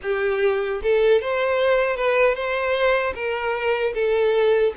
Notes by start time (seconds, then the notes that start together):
0.02 G4
0.83 A4
1.21 C5
1.96 B4
2.34 C5
3.14 A#4
3.94 A4